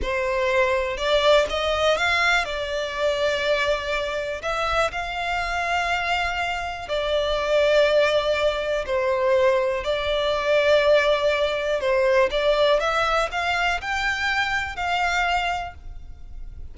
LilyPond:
\new Staff \with { instrumentName = "violin" } { \time 4/4 \tempo 4 = 122 c''2 d''4 dis''4 | f''4 d''2.~ | d''4 e''4 f''2~ | f''2 d''2~ |
d''2 c''2 | d''1 | c''4 d''4 e''4 f''4 | g''2 f''2 | }